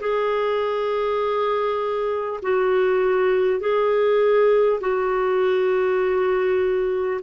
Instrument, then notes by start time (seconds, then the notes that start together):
clarinet
0.00 G#4
2.42 F#4
3.60 G#4
4.80 F#4